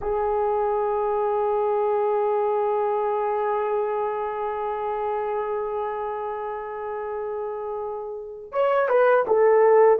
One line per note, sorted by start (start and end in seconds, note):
0.01 8.52 G#4
8.52 8.88 C#5
8.88 9.25 B4
9.27 9.99 A4